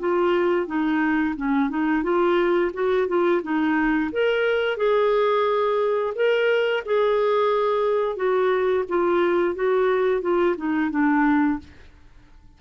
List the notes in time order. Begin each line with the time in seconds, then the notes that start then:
0.00 F4
0.67 D#4
1.37 C#4
1.70 D#4
2.04 F4
2.74 F#4
3.08 F4
3.43 D#4
4.12 A#4
4.78 G#4
6.16 A#4
6.86 G#4
8.17 F#4
8.89 F4
9.55 F#4
10.22 F4
10.57 D#4
10.91 D4